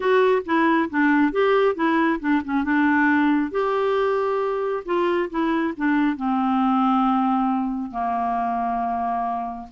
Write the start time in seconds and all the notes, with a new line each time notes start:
0.00 F#4
0.45 E4
0.89 D4
1.32 G4
1.75 E4
2.20 D4
2.45 C#4
2.64 D4
3.51 G4
4.85 F4
5.29 E4
5.76 D4
6.16 C4
7.91 A#3